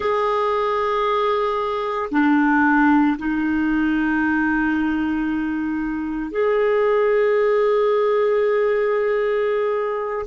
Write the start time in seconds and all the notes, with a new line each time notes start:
0.00 G#4
2.11 D4
3.18 D#4
6.31 G#4